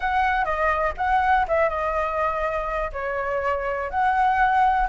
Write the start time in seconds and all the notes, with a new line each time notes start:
0.00 F#5
0.44 D#5
0.97 F#5
1.47 E5
1.69 D#5
2.92 C#5
3.90 F#5